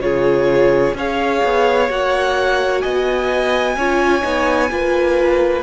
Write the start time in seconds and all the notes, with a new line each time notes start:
0.00 C#3 F4 G#4 C#5
0.94 C#4 G#4 C#5 F5
1.45 B3
1.90 A#3 F#4 F#5
2.81 B3 D#5 G#5
3.76 C#4 F4 C#5
4.22 B3 D#4
4.70 A#3 F4 B4